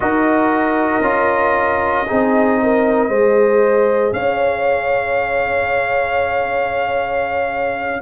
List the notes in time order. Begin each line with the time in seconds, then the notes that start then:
0.00 D#4 F#4 A#4 D#5
1.00 C#4 F4
2.07 C4 D#4 G#4
2.62 A#4
3.08 G#3 G#4 C5
4.12 C#4 C#5 F5